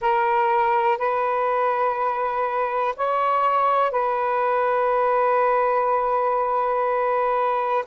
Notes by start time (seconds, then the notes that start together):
0.00 A#4
0.97 B4
2.96 C#5
3.91 B4